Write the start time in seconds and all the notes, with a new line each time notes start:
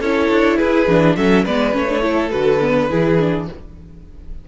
0.00 C#4 E4 A4 C#5
0.30 D4
0.57 E4 G#4 B4
0.87 E3 D4
1.16 F#3 C#4 A4 E5
1.44 G#3 B3 B4 D5
1.72 A3 C#4 C#5
1.89 D4
2.01 E4 A4
2.30 D3 F#4 B4
2.61 B3
2.89 E3 E4 G#4
3.19 D4